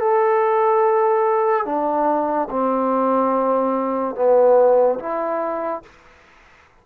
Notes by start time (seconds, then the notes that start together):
0.00 A4
1.66 D4
2.50 C4
4.16 B3
5.00 E4